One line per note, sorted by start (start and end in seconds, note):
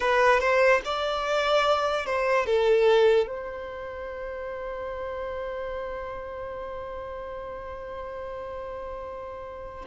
0.00 0.40 B4
0.40 0.81 C5
0.84 2.05 D5
2.05 2.46 C5
2.46 3.27 A4
3.27 9.84 C5